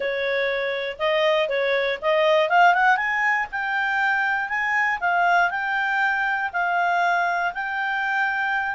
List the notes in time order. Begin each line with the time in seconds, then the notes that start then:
0.00 C#5
0.98 D#5
1.48 C#5
2.01 D#5
2.49 F5
2.73 F#5
2.96 G#5
3.51 G5
4.48 G#5
5.00 F5
5.50 G5
6.52 F5
7.54 G5